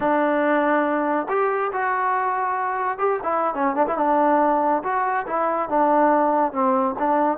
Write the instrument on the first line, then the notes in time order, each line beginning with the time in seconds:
trombone
0.00 D4
1.28 G4
1.72 F#4
2.98 G4
3.23 E4
3.54 C#4
3.75 D4
3.87 E4
3.97 D4
4.83 F#4
5.26 E4
5.69 D4
6.52 C4
6.98 D4